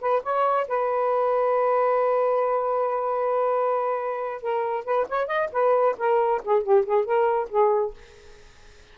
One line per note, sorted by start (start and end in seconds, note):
0.00 0.22 B4
0.23 0.67 C#5
0.67 4.41 B4
4.41 4.84 A#4
4.84 5.06 B4
5.08 5.27 C#5
5.27 5.49 D#5
5.52 5.96 B4
5.97 6.42 A#4
6.44 6.62 G#4
6.62 6.84 G4
6.85 7.04 G#4
7.04 7.49 A#4
7.49 7.93 G#4